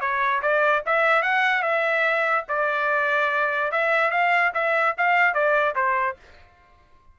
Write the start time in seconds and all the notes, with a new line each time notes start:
0.00 C#5
0.42 D5
0.86 E5
1.22 F#5
1.62 E5
2.48 D5
3.71 E5
4.11 F5
4.54 E5
4.97 F5
5.34 D5
5.75 C5